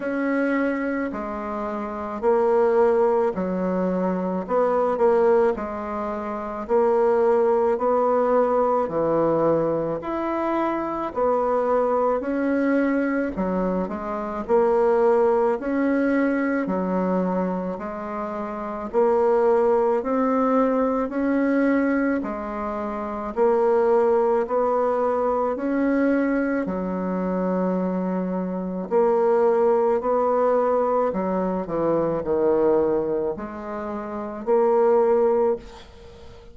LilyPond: \new Staff \with { instrumentName = "bassoon" } { \time 4/4 \tempo 4 = 54 cis'4 gis4 ais4 fis4 | b8 ais8 gis4 ais4 b4 | e4 e'4 b4 cis'4 | fis8 gis8 ais4 cis'4 fis4 |
gis4 ais4 c'4 cis'4 | gis4 ais4 b4 cis'4 | fis2 ais4 b4 | fis8 e8 dis4 gis4 ais4 | }